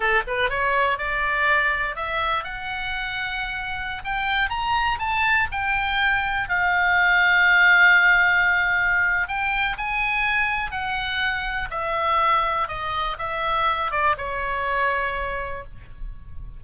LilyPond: \new Staff \with { instrumentName = "oboe" } { \time 4/4 \tempo 4 = 123 a'8 b'8 cis''4 d''2 | e''4 fis''2.~ | fis''16 g''4 ais''4 a''4 g''8.~ | g''4~ g''16 f''2~ f''8.~ |
f''2. g''4 | gis''2 fis''2 | e''2 dis''4 e''4~ | e''8 d''8 cis''2. | }